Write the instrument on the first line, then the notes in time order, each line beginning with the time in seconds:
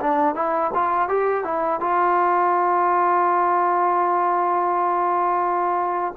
trombone
0.00 D4
0.35 E4
0.74 F4
1.08 G4
1.44 E4
1.80 F4